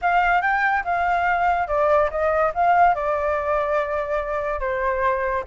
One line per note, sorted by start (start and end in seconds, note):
0.01 0.41 F5
0.41 0.83 G5
0.84 1.67 F5
1.67 2.09 D5
2.10 2.52 D#5
2.54 2.94 F5
2.94 4.60 D5
4.60 5.44 C5